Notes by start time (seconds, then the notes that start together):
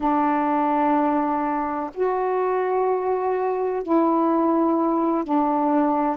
0.00 D4
1.94 F#4
3.82 E4
5.24 D4